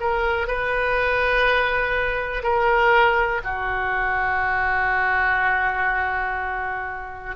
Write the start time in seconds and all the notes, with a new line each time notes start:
0.00 A#4
0.47 B4
2.43 A#4
3.43 F#4